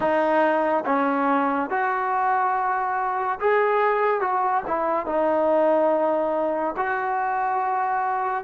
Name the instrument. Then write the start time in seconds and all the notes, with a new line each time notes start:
trombone
0.00 D#4
0.85 C#4
1.70 F#4
3.40 G#4
4.20 F#4
4.67 E4
5.06 D#4
6.76 F#4